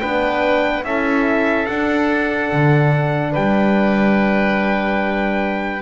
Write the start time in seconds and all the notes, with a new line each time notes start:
0.00 B3 D4 B4 G5
0.84 C#4 E4 A4 E5
1.66 D4 F#5
2.52 D3
3.32 G3 B4 G5